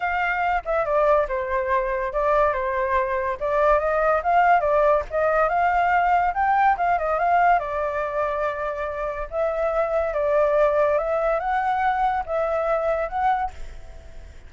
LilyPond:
\new Staff \with { instrumentName = "flute" } { \time 4/4 \tempo 4 = 142 f''4. e''8 d''4 c''4~ | c''4 d''4 c''2 | d''4 dis''4 f''4 d''4 | dis''4 f''2 g''4 |
f''8 dis''8 f''4 d''2~ | d''2 e''2 | d''2 e''4 fis''4~ | fis''4 e''2 fis''4 | }